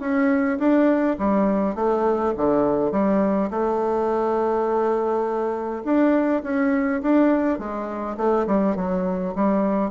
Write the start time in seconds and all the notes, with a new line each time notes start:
0.00 C#4
0.59 D4
1.19 G3
1.75 A3
2.37 D3
2.92 G3
3.50 A3
5.84 D4
6.43 C#4
7.02 D4
7.59 G#3
8.17 A3
8.47 G3
8.76 F#3
9.35 G3